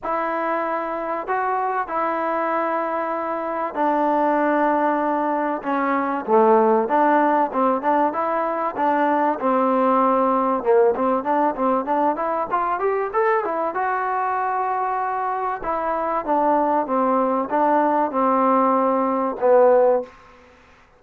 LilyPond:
\new Staff \with { instrumentName = "trombone" } { \time 4/4 \tempo 4 = 96 e'2 fis'4 e'4~ | e'2 d'2~ | d'4 cis'4 a4 d'4 | c'8 d'8 e'4 d'4 c'4~ |
c'4 ais8 c'8 d'8 c'8 d'8 e'8 | f'8 g'8 a'8 e'8 fis'2~ | fis'4 e'4 d'4 c'4 | d'4 c'2 b4 | }